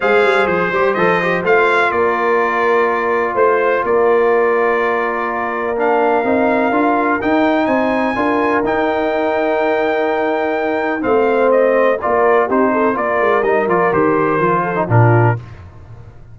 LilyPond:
<<
  \new Staff \with { instrumentName = "trumpet" } { \time 4/4 \tempo 4 = 125 f''4 c''4 dis''4 f''4 | d''2. c''4 | d''1 | f''2. g''4 |
gis''2 g''2~ | g''2. f''4 | dis''4 d''4 c''4 d''4 | dis''8 d''8 c''2 ais'4 | }
  \new Staff \with { instrumentName = "horn" } { \time 4/4 c''1 | ais'2. c''4 | ais'1~ | ais'1 |
c''4 ais'2.~ | ais'2. c''4~ | c''4 ais'4 g'8 a'8 ais'4~ | ais'2~ ais'8 a'8 f'4 | }
  \new Staff \with { instrumentName = "trombone" } { \time 4/4 gis'4. g'8 a'8 g'8 f'4~ | f'1~ | f'1 | d'4 dis'4 f'4 dis'4~ |
dis'4 f'4 dis'2~ | dis'2. c'4~ | c'4 f'4 dis'4 f'4 | dis'8 f'8 g'4 f'8. dis'16 d'4 | }
  \new Staff \with { instrumentName = "tuba" } { \time 4/4 gis8 g8 f8 g8 f4 a4 | ais2. a4 | ais1~ | ais4 c'4 d'4 dis'4 |
c'4 d'4 dis'2~ | dis'2. a4~ | a4 ais4 c'4 ais8 gis8 | g8 f8 dis4 f4 ais,4 | }
>>